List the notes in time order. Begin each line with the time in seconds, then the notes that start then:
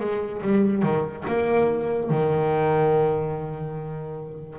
0.00 G#3
0.42 G3
0.83 D#3
1.28 A#3
2.10 D#3